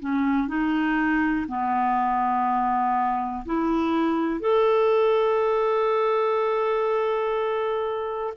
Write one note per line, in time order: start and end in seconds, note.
0.00 0.48 C#4
0.48 1.47 D#4
1.48 3.45 B3
3.46 4.41 E4
4.41 8.34 A4